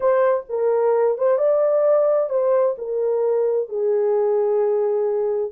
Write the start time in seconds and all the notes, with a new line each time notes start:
0.00 C5
0.49 A#4
1.17 C5
1.37 D5
2.29 C5
2.77 A#4
3.68 G#4